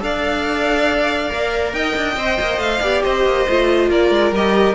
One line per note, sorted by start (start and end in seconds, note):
0.00 1.31 D4
0.00 1.29 A4
0.00 1.76 D5
0.00 1.73 F5
1.29 1.74 A#3
1.29 2.16 A#4
1.73 1.95 D#4
1.73 2.82 D#5
1.73 2.59 G5
1.96 2.16 D4
2.16 2.38 C4
2.16 2.83 C5
2.41 2.58 A#3
2.58 2.80 A3
2.58 3.03 F5
2.81 3.03 B3
2.81 3.47 G4
2.81 3.03 D5
3.03 3.25 C4
3.03 3.90 C5
3.03 3.90 D#5
3.25 3.47 A#3
3.49 3.90 A3
3.49 4.35 F4
3.90 4.10 A#3
3.90 4.75 A#4
3.90 4.35 D5
4.10 4.32 G#3
4.32 4.75 G3
4.32 4.75 G4
4.32 4.75 D#5